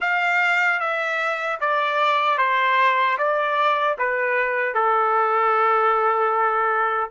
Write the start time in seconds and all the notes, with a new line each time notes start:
0.00 F5
0.80 E5
1.60 D5
2.38 C5
3.18 D5
3.98 B4
4.74 A4